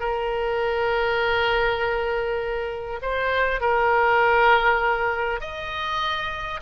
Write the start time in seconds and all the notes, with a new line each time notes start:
0.00 A#4
3.02 C5
3.61 A#4
5.41 D#5